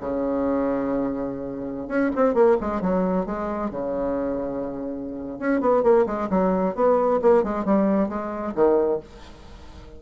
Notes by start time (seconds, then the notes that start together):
0.00 C#3
1.88 C#4
2.15 C4
2.34 A#3
2.60 G#3
2.81 F#3
3.26 G#3
3.70 C#3
5.39 C#4
5.61 B3
5.83 A#3
6.06 G#3
6.30 F#3
6.75 B3
7.22 A#3
7.43 G#3
7.65 G3
8.09 G#3
8.55 D#3